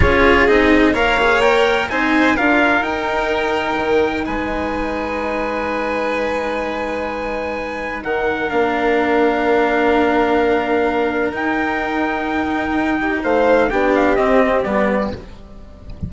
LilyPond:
<<
  \new Staff \with { instrumentName = "trumpet" } { \time 4/4 \tempo 4 = 127 cis''4 dis''4 f''4 g''4 | gis''4 f''4 g''2~ | g''4 gis''2.~ | gis''1~ |
gis''4 fis''4 f''2~ | f''1 | g''1 | f''4 g''8 f''8 dis''4 d''4 | }
  \new Staff \with { instrumentName = "violin" } { \time 4/4 gis'2 cis''2 | c''4 ais'2.~ | ais'4 b'2.~ | b'1~ |
b'4 ais'2.~ | ais'1~ | ais'2.~ ais'8 g'8 | c''4 g'2. | }
  \new Staff \with { instrumentName = "cello" } { \time 4/4 f'4 dis'4 ais'8 gis'8 ais'4 | dis'4 f'4 dis'2~ | dis'1~ | dis'1~ |
dis'2 d'2~ | d'1 | dis'1~ | dis'4 d'4 c'4 b4 | }
  \new Staff \with { instrumentName = "bassoon" } { \time 4/4 cis'4 c'4 ais2 | c'4 d'4 dis'2 | dis4 gis2.~ | gis1~ |
gis4 dis4 ais2~ | ais1 | dis'1 | a4 b4 c'4 g4 | }
>>